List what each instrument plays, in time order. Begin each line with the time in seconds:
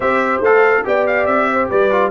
0.00 tuba C4, trombone G4, horn C5, trumpet E5
0.39 tuba A3, trombone A4, trumpet F5
0.84 tuba B3, trombone G4, horn D5, trumpet G5
1.07 trumpet F5
1.26 tuba C4, trumpet E5
1.52 horn C5
1.69 tuba G3, horn B4, trumpet D5
1.90 trombone F4